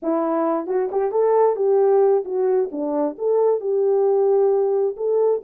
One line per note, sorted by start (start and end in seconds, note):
0.02 0.66 E4
0.66 0.89 F#4
0.91 1.11 G4
1.11 1.56 A4
1.56 2.23 G4
2.24 2.69 F#4
2.71 3.16 D4
3.18 3.60 A4
3.60 4.95 G4
4.96 5.41 A4